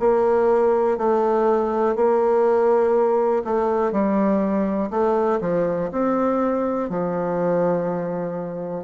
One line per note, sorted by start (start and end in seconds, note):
0.00 0.98 A#3
0.98 1.96 A3
1.96 3.43 A#3
3.45 3.92 A3
3.92 4.90 G3
4.90 5.40 A3
5.41 5.90 F3
5.92 6.90 C4
6.90 8.84 F3